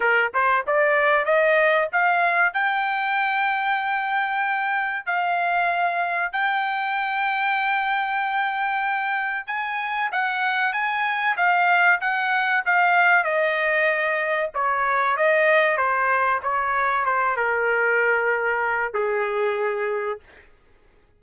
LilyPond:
\new Staff \with { instrumentName = "trumpet" } { \time 4/4 \tempo 4 = 95 ais'8 c''8 d''4 dis''4 f''4 | g''1 | f''2 g''2~ | g''2. gis''4 |
fis''4 gis''4 f''4 fis''4 | f''4 dis''2 cis''4 | dis''4 c''4 cis''4 c''8 ais'8~ | ais'2 gis'2 | }